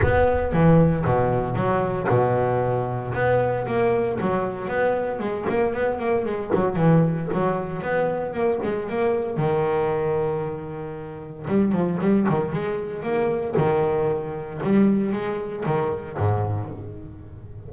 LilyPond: \new Staff \with { instrumentName = "double bass" } { \time 4/4 \tempo 4 = 115 b4 e4 b,4 fis4 | b,2 b4 ais4 | fis4 b4 gis8 ais8 b8 ais8 | gis8 fis8 e4 fis4 b4 |
ais8 gis8 ais4 dis2~ | dis2 g8 f8 g8 dis8 | gis4 ais4 dis2 | g4 gis4 dis4 gis,4 | }